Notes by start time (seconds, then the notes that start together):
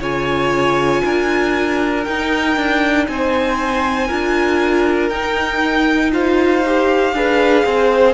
0.00 C#3 F4 C#5 G#5
1.04 D4 A#4
2.04 D#4 G5
2.56 D4
3.07 C4 C5 G#5
4.08 D4 F4 A#4
5.09 D#4 G5
6.12 F4 C5 F5
6.66 G4
7.13 D4 G#4 B4
7.65 C4 C5